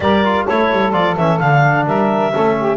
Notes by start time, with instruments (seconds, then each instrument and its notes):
0.00 double bass G3, trombone G4, saxophone A#4, clarinet D5
0.24 trombone F4
0.44 double bass A3, trombone E4, saxophone A4, clarinet C#5
0.72 double bass G3
0.92 double bass F3, trombone F4, clarinet D5
1.16 double bass E3, trombone C#4, clarinet E5
1.38 double bass D3, trombone D4, clarinet F5
1.86 double bass G3, saxophone A#4, clarinet E5
2.32 double bass A3, trombone C#4, saxophone A4
2.59 saxophone G4